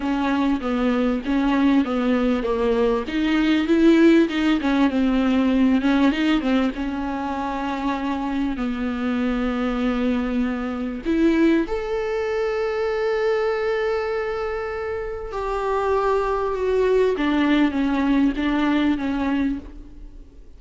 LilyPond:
\new Staff \with { instrumentName = "viola" } { \time 4/4 \tempo 4 = 98 cis'4 b4 cis'4 b4 | ais4 dis'4 e'4 dis'8 cis'8 | c'4. cis'8 dis'8 c'8 cis'4~ | cis'2 b2~ |
b2 e'4 a'4~ | a'1~ | a'4 g'2 fis'4 | d'4 cis'4 d'4 cis'4 | }